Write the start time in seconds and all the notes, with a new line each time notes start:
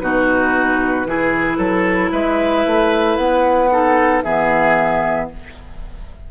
0.00 B2 D#4 F#4 B4
1.07 E3 E4 G#4
1.58 F#3 A4
2.12 G#3 B4 E5
2.66 A3
3.18 B3 F#5
3.71 D#4 A4
4.23 E3 B3 G#4 E5